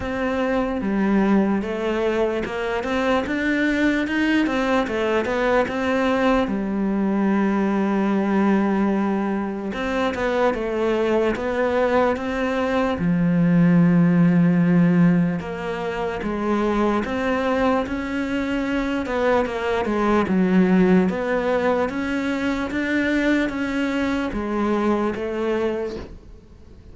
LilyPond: \new Staff \with { instrumentName = "cello" } { \time 4/4 \tempo 4 = 74 c'4 g4 a4 ais8 c'8 | d'4 dis'8 c'8 a8 b8 c'4 | g1 | c'8 b8 a4 b4 c'4 |
f2. ais4 | gis4 c'4 cis'4. b8 | ais8 gis8 fis4 b4 cis'4 | d'4 cis'4 gis4 a4 | }